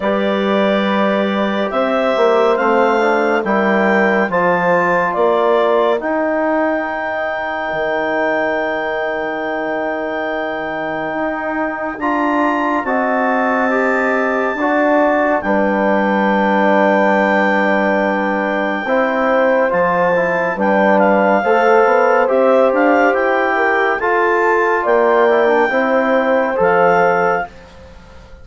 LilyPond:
<<
  \new Staff \with { instrumentName = "clarinet" } { \time 4/4 \tempo 4 = 70 d''2 e''4 f''4 | g''4 a''4 d''4 g''4~ | g''1~ | g''2 ais''4 a''4~ |
a''2 g''2~ | g''2. a''4 | g''8 f''4. e''8 f''8 g''4 | a''4 g''2 f''4 | }
  \new Staff \with { instrumentName = "horn" } { \time 4/4 b'2 c''2 | ais'4 c''4 ais'2~ | ais'1~ | ais'2. dis''4~ |
dis''4 d''4 b'2~ | b'2 c''2 | b'4 c''2~ c''8 ais'8 | a'4 d''4 c''2 | }
  \new Staff \with { instrumentName = "trombone" } { \time 4/4 g'2. c'8 d'8 | e'4 f'2 dis'4~ | dis'1~ | dis'2 f'4 fis'4 |
g'4 fis'4 d'2~ | d'2 e'4 f'8 e'8 | d'4 a'4 g'2 | f'4. e'16 d'16 e'4 a'4 | }
  \new Staff \with { instrumentName = "bassoon" } { \time 4/4 g2 c'8 ais8 a4 | g4 f4 ais4 dis'4~ | dis'4 dis2.~ | dis4 dis'4 d'4 c'4~ |
c'4 d'4 g2~ | g2 c'4 f4 | g4 a8 b8 c'8 d'8 e'4 | f'4 ais4 c'4 f4 | }
>>